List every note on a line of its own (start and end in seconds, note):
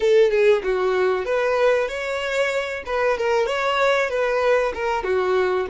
0.00 0.30 A4
0.30 0.62 G#4
0.63 1.25 F#4
1.25 1.88 B4
1.88 2.83 C#5
2.86 3.18 B4
3.18 3.46 A#4
3.46 4.09 C#5
4.09 4.72 B4
4.74 5.03 A#4
5.03 5.66 F#4